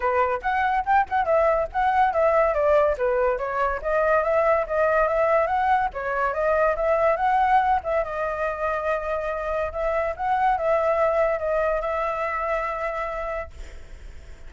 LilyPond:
\new Staff \with { instrumentName = "flute" } { \time 4/4 \tempo 4 = 142 b'4 fis''4 g''8 fis''8 e''4 | fis''4 e''4 d''4 b'4 | cis''4 dis''4 e''4 dis''4 | e''4 fis''4 cis''4 dis''4 |
e''4 fis''4. e''8 dis''4~ | dis''2. e''4 | fis''4 e''2 dis''4 | e''1 | }